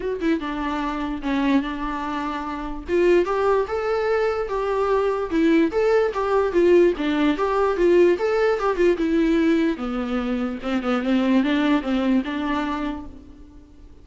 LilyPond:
\new Staff \with { instrumentName = "viola" } { \time 4/4 \tempo 4 = 147 fis'8 e'8 d'2 cis'4 | d'2. f'4 | g'4 a'2 g'4~ | g'4 e'4 a'4 g'4 |
f'4 d'4 g'4 f'4 | a'4 g'8 f'8 e'2 | b2 c'8 b8 c'4 | d'4 c'4 d'2 | }